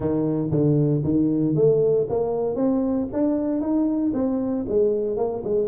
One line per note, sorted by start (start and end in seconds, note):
0.00 0.50 D#3
0.50 1.02 D3
1.03 1.55 D#3
1.55 2.07 A3
2.09 2.55 A#3
2.55 3.07 C4
3.12 3.60 D4
3.60 4.12 D#4
4.13 4.65 C4
4.68 5.17 G#3
5.17 5.42 A#3
5.44 5.68 G#3